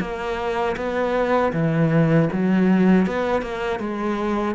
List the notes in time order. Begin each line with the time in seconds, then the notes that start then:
0.00 A#3
0.76 B3
1.53 E3
2.32 F#3
3.06 B3
3.42 A#3
3.80 G#3